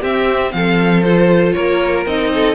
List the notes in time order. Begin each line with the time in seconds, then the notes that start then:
0.00 C4 G4 E5
0.52 F3 A4 F5
1.03 F4 C5
1.52 A#3 A#4 C#5
2.05 C4 D#4 D#5
2.34 A4